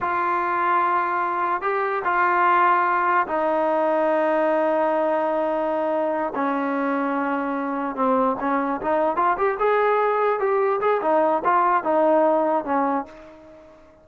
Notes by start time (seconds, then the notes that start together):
0.00 F4
1.61 G4
2.04 F4
3.27 D#4
6.35 C#4
7.95 C4
8.40 C#4
8.81 D#4
9.16 F4
9.37 G4
9.59 G#4
10.39 G4
10.80 G#4
11.02 D#4
11.44 F4
11.83 D#4
12.65 C#4